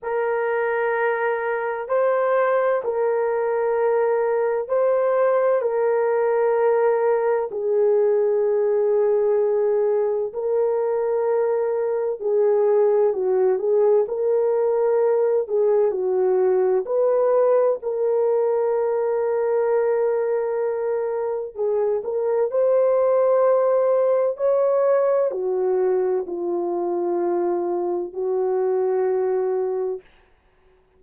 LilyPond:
\new Staff \with { instrumentName = "horn" } { \time 4/4 \tempo 4 = 64 ais'2 c''4 ais'4~ | ais'4 c''4 ais'2 | gis'2. ais'4~ | ais'4 gis'4 fis'8 gis'8 ais'4~ |
ais'8 gis'8 fis'4 b'4 ais'4~ | ais'2. gis'8 ais'8 | c''2 cis''4 fis'4 | f'2 fis'2 | }